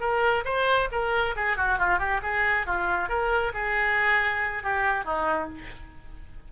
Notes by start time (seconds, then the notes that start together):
0.00 A#4
0.45 C5
0.91 A#4
1.36 G#4
1.57 F#4
1.78 F4
1.98 G4
2.22 G#4
2.66 F4
3.09 A#4
3.54 G#4
4.63 G4
5.04 D#4